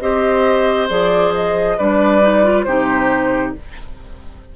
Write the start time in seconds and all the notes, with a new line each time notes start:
0.00 C4 G4 C5 D#5
0.89 F3 G#4 D5
1.35 D#5
1.77 G3 D4 B4 D5
2.22 D#4
2.44 F4
2.64 C3 D#4 G4 C5